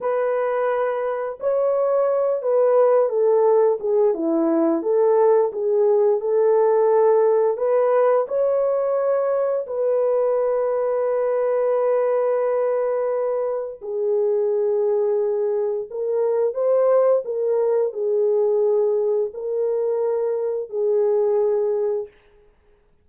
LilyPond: \new Staff \with { instrumentName = "horn" } { \time 4/4 \tempo 4 = 87 b'2 cis''4. b'8~ | b'8 a'4 gis'8 e'4 a'4 | gis'4 a'2 b'4 | cis''2 b'2~ |
b'1 | gis'2. ais'4 | c''4 ais'4 gis'2 | ais'2 gis'2 | }